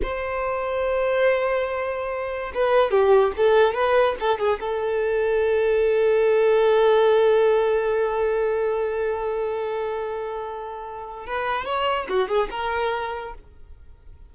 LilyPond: \new Staff \with { instrumentName = "violin" } { \time 4/4 \tempo 4 = 144 c''1~ | c''2 b'4 g'4 | a'4 b'4 a'8 gis'8 a'4~ | a'1~ |
a'1~ | a'1~ | a'2. b'4 | cis''4 fis'8 gis'8 ais'2 | }